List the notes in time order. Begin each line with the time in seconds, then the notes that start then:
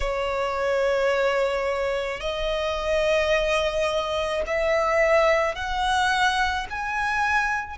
0.00 C#5
2.20 D#5
4.46 E5
5.55 F#5
6.70 G#5